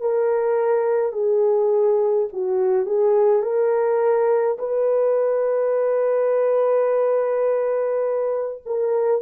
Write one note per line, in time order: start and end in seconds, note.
0.00 1.12 A#4
1.12 2.27 G#4
2.32 2.85 F#4
2.85 3.42 G#4
3.42 4.57 A#4
4.58 8.62 B4
8.65 9.22 A#4